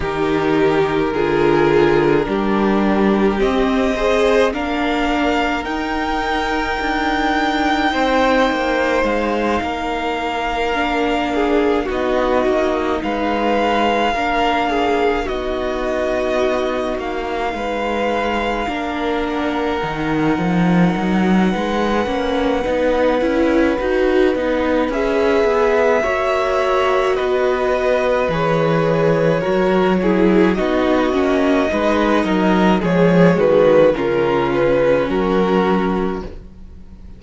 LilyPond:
<<
  \new Staff \with { instrumentName = "violin" } { \time 4/4 \tempo 4 = 53 ais'2. dis''4 | f''4 g''2. | f''2~ f''8 dis''4 f''8~ | f''4. dis''4. f''4~ |
f''4 fis''2.~ | fis''2 e''2 | dis''4 cis''2 dis''4~ | dis''4 cis''8 b'8 ais'8 b'8 ais'4 | }
  \new Staff \with { instrumentName = "violin" } { \time 4/4 g'4 gis'4 g'4. c''8 | ais'2. c''4~ | c''8 ais'4. gis'8 fis'4 b'8~ | b'8 ais'8 gis'8 fis'2 b'8~ |
b'8 ais'2~ ais'8 b'4~ | b'2. cis''4 | b'2 ais'8 gis'8 fis'4 | b'8 ais'8 gis'8 fis'8 f'4 fis'4 | }
  \new Staff \with { instrumentName = "viola" } { \time 4/4 dis'4 f'4 d'4 c'8 gis'8 | d'4 dis'2.~ | dis'4. d'4 dis'4.~ | dis'8 d'4 dis'2~ dis'8~ |
dis'8 d'4 dis'2 cis'8 | dis'8 e'8 fis'8 dis'8 gis'4 fis'4~ | fis'4 gis'4 fis'8 e'8 dis'8 cis'8 | dis'4 gis4 cis'2 | }
  \new Staff \with { instrumentName = "cello" } { \time 4/4 dis4 d4 g4 c'4 | ais4 dis'4 d'4 c'8 ais8 | gis8 ais2 b8 ais8 gis8~ | gis8 ais4 b4. ais8 gis8~ |
gis8 ais4 dis8 f8 fis8 gis8 ais8 | b8 cis'8 dis'8 b8 cis'8 b8 ais4 | b4 e4 fis4 b8 ais8 | gis8 fis8 f8 dis8 cis4 fis4 | }
>>